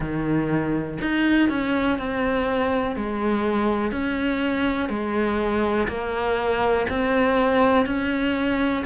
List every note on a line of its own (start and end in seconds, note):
0.00 0.98 D#3
1.01 1.49 D#4
1.49 1.98 C#4
1.98 2.96 C4
2.96 3.91 G#3
3.91 4.89 C#4
4.89 5.87 G#3
5.87 6.86 A#3
6.89 7.86 C4
7.86 8.84 C#4